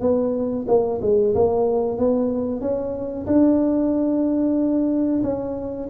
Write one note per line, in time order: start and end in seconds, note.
0.00 0.65 B3
0.67 1.00 A#3
1.01 1.34 G#3
1.35 1.98 A#3
1.98 2.60 B3
2.60 3.25 C#4
3.26 5.22 D4
5.23 5.88 C#4